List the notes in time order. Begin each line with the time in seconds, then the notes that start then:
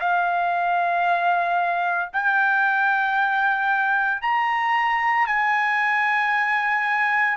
0.00 F5
2.12 G5
4.22 A#5
5.27 G#5